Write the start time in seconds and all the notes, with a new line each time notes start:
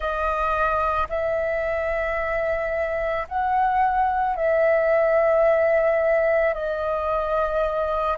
0.00 D#5
1.09 E5
3.28 F#5
4.35 E5
6.54 D#5